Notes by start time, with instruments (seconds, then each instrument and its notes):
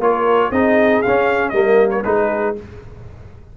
0.00 tuba A#3, trombone F4, horn A#4, trumpet C#5
0.51 tuba C4, trombone D#4, horn G#4, trumpet D#5
1.02 tuba C#4, trombone C#4, trumpet F5
1.50 tuba G3, trombone A#3, horn A#4, trumpet D#5
1.91 trumpet C#5
2.05 tuba G#3, trombone D#4, horn G#4, trumpet B4